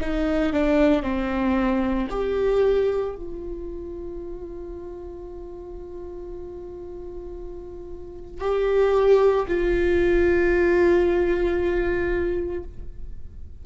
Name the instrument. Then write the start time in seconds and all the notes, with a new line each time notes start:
viola
0.00 D#4
0.53 D4
1.02 C4
2.10 G4
3.15 F4
8.41 G4
9.47 F4